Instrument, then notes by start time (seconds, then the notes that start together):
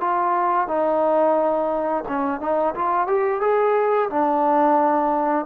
trombone
0.00 F4
0.68 D#4
2.08 C#4
2.40 D#4
2.74 F4
3.07 G4
3.41 G#4
4.10 D4